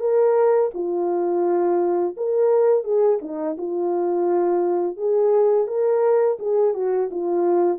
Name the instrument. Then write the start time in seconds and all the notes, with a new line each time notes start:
horn
0.00 A#4
0.74 F4
2.17 A#4
2.84 G#4
3.22 D#4
3.58 F4
4.97 G#4
5.67 A#4
6.39 G#4
6.74 F#4
7.11 F4